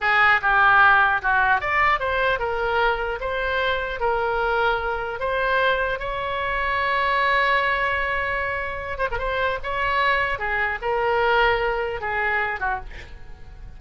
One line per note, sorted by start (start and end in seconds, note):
0.01 0.41 G#4
0.41 1.21 G4
1.22 1.60 F#4
1.60 1.99 D5
1.99 2.39 C5
2.39 3.19 A#4
3.20 3.99 C5
3.99 5.19 A#4
5.19 5.99 C5
5.99 8.98 C#5
8.98 9.08 C5
9.11 9.18 A#4
9.18 9.58 C5
9.63 10.38 C#5
10.38 10.78 G#4
10.81 12.00 A#4
12.00 12.59 G#4
12.59 12.79 F#4